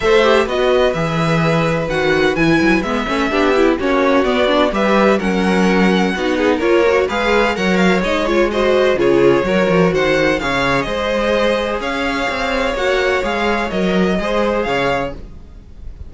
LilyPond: <<
  \new Staff \with { instrumentName = "violin" } { \time 4/4 \tempo 4 = 127 e''4 dis''4 e''2 | fis''4 gis''4 e''2 | cis''4 d''4 e''4 fis''4~ | fis''2 cis''4 f''4 |
fis''8 f''8 dis''8 cis''8 dis''4 cis''4~ | cis''4 fis''4 f''4 dis''4~ | dis''4 f''2 fis''4 | f''4 dis''2 f''4 | }
  \new Staff \with { instrumentName = "violin" } { \time 4/4 c''4 b'2.~ | b'2. g'4 | fis'2 b'4 ais'4~ | ais'4 fis'8 gis'8 ais'4 b'4 |
cis''2 c''4 gis'4 | ais'4 c''4 cis''4 c''4~ | c''4 cis''2.~ | cis''2 c''4 cis''4 | }
  \new Staff \with { instrumentName = "viola" } { \time 4/4 a'8 g'8 fis'4 gis'2 | fis'4 e'4 b8 cis'8 d'8 e'8 | cis'4 b8 d'8 g'4 cis'4~ | cis'4 dis'4 f'8 fis'8 gis'4 |
ais'4 dis'8 f'8 fis'4 f'4 | fis'2 gis'2~ | gis'2. fis'4 | gis'4 ais'4 gis'2 | }
  \new Staff \with { instrumentName = "cello" } { \time 4/4 a4 b4 e2 | dis4 e8 fis8 gis8 a8 b4 | ais4 b4 g4 fis4~ | fis4 b4 ais4 gis4 |
fis4 gis2 cis4 | fis8 f8 dis4 cis4 gis4~ | gis4 cis'4 c'4 ais4 | gis4 fis4 gis4 cis4 | }
>>